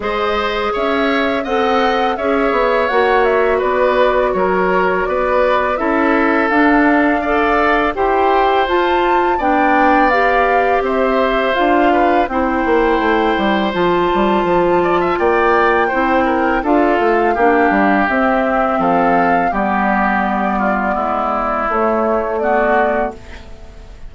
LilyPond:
<<
  \new Staff \with { instrumentName = "flute" } { \time 4/4 \tempo 4 = 83 dis''4 e''4 fis''4 e''4 | fis''8 e''8 d''4 cis''4 d''4 | e''4 f''2 g''4 | a''4 g''4 f''4 e''4 |
f''4 g''2 a''4~ | a''4 g''2 f''4~ | f''4 e''4 f''4 d''4~ | d''2 cis''4 d''4 | }
  \new Staff \with { instrumentName = "oboe" } { \time 4/4 c''4 cis''4 dis''4 cis''4~ | cis''4 b'4 ais'4 b'4 | a'2 d''4 c''4~ | c''4 d''2 c''4~ |
c''8 b'8 c''2.~ | c''8 d''16 e''16 d''4 c''8 ais'8 a'4 | g'2 a'4 g'4~ | g'8 f'8 e'2 fis'4 | }
  \new Staff \with { instrumentName = "clarinet" } { \time 4/4 gis'2 a'4 gis'4 | fis'1 | e'4 d'4 a'4 g'4 | f'4 d'4 g'2 |
f'4 e'2 f'4~ | f'2 e'4 f'4 | d'4 c'2 b4~ | b2 a4 b4 | }
  \new Staff \with { instrumentName = "bassoon" } { \time 4/4 gis4 cis'4 c'4 cis'8 b8 | ais4 b4 fis4 b4 | cis'4 d'2 e'4 | f'4 b2 c'4 |
d'4 c'8 ais8 a8 g8 f8 g8 | f4 ais4 c'4 d'8 a8 | ais8 g8 c'4 f4 g4~ | g4 gis4 a2 | }
>>